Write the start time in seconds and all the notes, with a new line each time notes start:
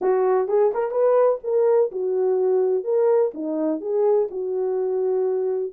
0.01 F#4
0.48 G#4
0.74 A#4
0.91 B4
1.43 A#4
1.91 F#4
2.84 A#4
3.34 D#4
3.80 G#4
4.31 F#4